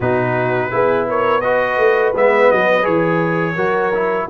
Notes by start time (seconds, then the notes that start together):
0.00 B2 D#4 F#4 B4
0.70 B3 E4 G#4
1.08 A#4 C#5
1.40 F#4 B4 D#5
1.77 A3
2.14 G#3 B3 E5
2.51 F#3 D#5
2.82 E3 G#4 C#5
3.55 F#3 F#4 A#4
3.93 E4